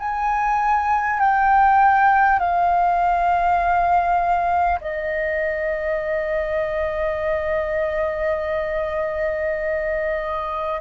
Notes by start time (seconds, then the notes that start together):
0.00 G#5
1.20 G5
2.39 F5
4.81 D#5